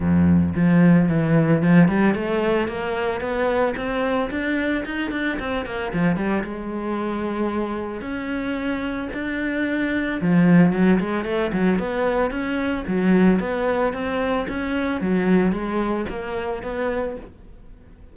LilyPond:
\new Staff \with { instrumentName = "cello" } { \time 4/4 \tempo 4 = 112 f,4 f4 e4 f8 g8 | a4 ais4 b4 c'4 | d'4 dis'8 d'8 c'8 ais8 f8 g8 | gis2. cis'4~ |
cis'4 d'2 f4 | fis8 gis8 a8 fis8 b4 cis'4 | fis4 b4 c'4 cis'4 | fis4 gis4 ais4 b4 | }